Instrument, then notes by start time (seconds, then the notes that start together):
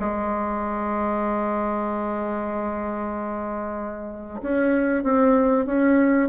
bassoon
0.00 G#3
4.42 C#4
5.04 C4
5.66 C#4